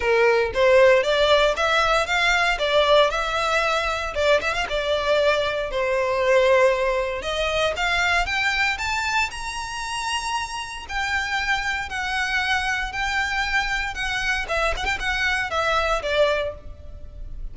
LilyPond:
\new Staff \with { instrumentName = "violin" } { \time 4/4 \tempo 4 = 116 ais'4 c''4 d''4 e''4 | f''4 d''4 e''2 | d''8 e''16 f''16 d''2 c''4~ | c''2 dis''4 f''4 |
g''4 a''4 ais''2~ | ais''4 g''2 fis''4~ | fis''4 g''2 fis''4 | e''8 fis''16 g''16 fis''4 e''4 d''4 | }